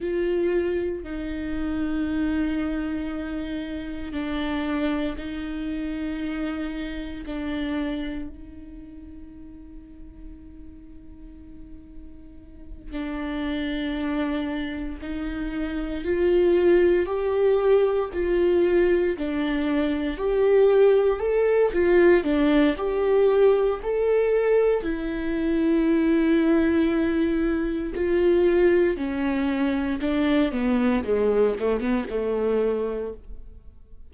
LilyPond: \new Staff \with { instrumentName = "viola" } { \time 4/4 \tempo 4 = 58 f'4 dis'2. | d'4 dis'2 d'4 | dis'1~ | dis'8 d'2 dis'4 f'8~ |
f'8 g'4 f'4 d'4 g'8~ | g'8 a'8 f'8 d'8 g'4 a'4 | e'2. f'4 | cis'4 d'8 b8 gis8 a16 b16 a4 | }